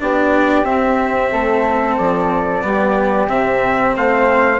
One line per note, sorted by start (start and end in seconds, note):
0.00 0.64 B3
0.00 0.66 D4
0.00 1.32 G4
0.00 0.65 D5
0.64 1.30 C4
0.64 2.62 C4
0.64 1.97 E5
1.32 1.99 A3
1.32 2.64 A4
1.98 2.64 F3
1.98 3.29 D5
2.62 3.29 G3
2.62 3.28 B3
2.62 3.95 G4
3.29 3.95 C3
3.29 4.60 C4
3.29 3.95 E5
3.95 4.60 A3
3.95 4.60 C5
3.95 4.60 F5